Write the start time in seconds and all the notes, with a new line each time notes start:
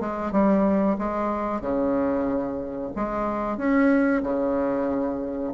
0.00 G#3
0.31 G3
0.98 G#3
1.61 C#3
2.96 G#3
3.57 C#4
4.23 C#3